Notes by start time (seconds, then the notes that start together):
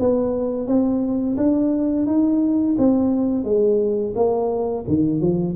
0.00 B3
0.67 C4
1.37 D4
2.06 D#4
2.78 C4
3.44 G#3
4.16 A#3
4.88 D#3
5.21 F3